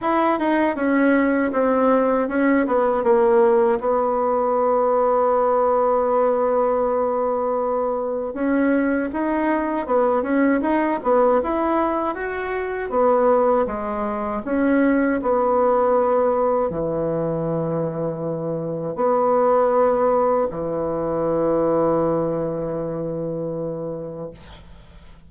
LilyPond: \new Staff \with { instrumentName = "bassoon" } { \time 4/4 \tempo 4 = 79 e'8 dis'8 cis'4 c'4 cis'8 b8 | ais4 b2.~ | b2. cis'4 | dis'4 b8 cis'8 dis'8 b8 e'4 |
fis'4 b4 gis4 cis'4 | b2 e2~ | e4 b2 e4~ | e1 | }